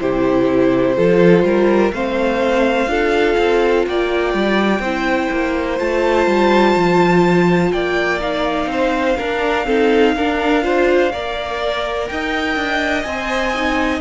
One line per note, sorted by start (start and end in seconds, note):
0.00 0.97 C3
0.00 0.96 E4
0.00 0.97 G4
0.00 1.92 C5
0.96 1.43 F3
0.96 1.93 F4
0.96 1.45 A4
1.43 1.92 G3
1.43 1.94 A#4
1.92 2.87 A3
1.92 2.87 C4
1.92 2.90 C5
1.92 3.85 F5
2.87 3.35 D4
2.87 4.81 F4
2.87 3.87 A4
3.38 3.86 C4
3.87 4.34 A#3
3.87 4.81 D5
3.87 5.80 G5
4.34 4.80 G3
4.80 5.28 C4
4.80 5.79 E4
4.80 7.71 C5
5.31 5.80 A#3
5.79 6.27 A3
5.79 8.20 F4
5.79 7.72 A5
6.27 6.75 G3
6.76 7.73 F3
7.72 8.66 A#3
7.72 8.70 D5
7.72 8.21 G5
8.20 9.17 D#4
8.20 12.07 F5
8.66 9.15 C4
8.66 9.18 C5
9.18 9.65 D4
9.18 9.68 D4
9.18 9.66 A#4
9.65 10.14 C4
9.65 10.16 D#4
9.65 10.15 A4
10.16 11.13 D4
10.16 10.62 D4
10.16 10.64 A#4
10.62 11.10 F4
10.62 11.12 C5
11.12 12.10 A#3
11.12 13.06 A#4
11.12 12.09 D5
12.07 12.56 D#4
12.07 14.01 D#5
12.07 13.03 G5
12.56 13.04 D4
13.03 14.01 C4
13.03 13.54 C5
13.03 14.00 G#5
13.54 14.01 D#4